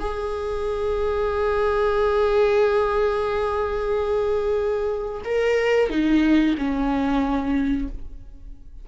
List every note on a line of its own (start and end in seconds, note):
0.00 5.22 G#4
5.25 5.90 A#4
5.90 6.55 D#4
6.58 7.88 C#4